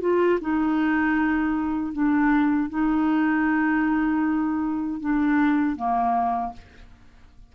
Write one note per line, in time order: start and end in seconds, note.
0.00 0.38 F4
0.40 1.92 D#4
1.92 2.69 D4
2.69 5.00 D#4
5.00 5.76 D4
5.76 6.52 A#3